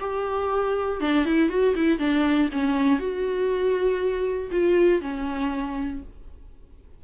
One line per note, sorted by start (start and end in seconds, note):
0.00 1.01 G4
1.01 1.26 D4
1.26 1.50 E4
1.50 1.75 F#4
1.76 1.99 E4
1.99 2.50 D4
2.53 3.00 C#4
3.00 4.51 F#4
4.51 5.02 F4
5.02 6.03 C#4